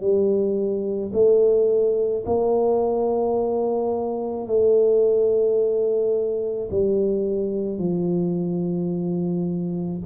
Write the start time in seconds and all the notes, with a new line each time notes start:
0.00 G3
1.13 A3
2.26 A#3
4.47 A3
6.71 G3
7.78 F3